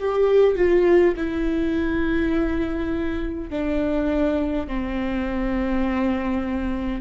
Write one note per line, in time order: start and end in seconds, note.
0.00 0.56 G4
0.56 1.15 F4
1.17 3.50 E4
3.50 4.68 D4
4.68 7.02 C4